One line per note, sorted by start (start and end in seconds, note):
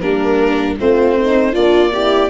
0.00 0.78 G3
0.00 0.76 A#3
0.00 0.78 D4
0.00 0.76 A#4
0.79 1.54 A3
0.79 1.53 C4
0.79 1.18 F4
0.79 1.55 C5
1.18 1.53 D#4
1.53 2.30 A#3
1.53 1.91 D4
1.53 1.91 F4
1.53 2.30 D5
1.93 2.30 E4
1.93 2.30 G4